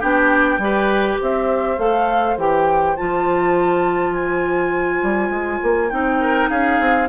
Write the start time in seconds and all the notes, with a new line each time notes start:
0.00 B3 D4 G4 G5
0.58 G3 G4 B4
1.21 C4 C5 E5
1.78 A3 A4 F5
2.37 E3 G4 G5
2.96 F3 F4 A5
4.14 G#5
5.03 G3
5.30 G#3
5.63 A#3
5.90 C4 D#4 G5
6.20 A#4
6.49 C#4 G#4 F5
6.80 C4